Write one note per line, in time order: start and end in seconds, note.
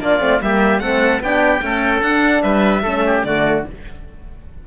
0.00 0.20 A#3
0.00 0.20 D4
0.00 0.43 F4
0.00 0.41 D5
0.20 0.40 A3
0.20 0.40 C4
0.42 0.79 G3
0.42 0.80 A#3
0.42 0.82 G4
0.42 0.79 E5
0.79 1.20 A3
0.79 1.21 C4
0.79 1.22 A4
0.79 1.20 F#5
1.20 1.61 B3
1.20 1.61 D4
1.20 1.64 G4
1.20 2.02 G5
1.61 2.01 A3
1.61 2.02 C#4
1.61 2.43 A4
2.02 2.83 D4
2.02 2.42 D4
2.02 2.42 F#5
2.42 2.83 G3
2.42 2.83 B4
2.42 3.23 E5
2.83 3.23 A3
2.83 3.26 C#4
2.83 3.03 A4
3.06 3.26 G4
3.24 3.65 D3
3.24 3.66 A3
3.24 3.67 F#4
3.24 3.64 D5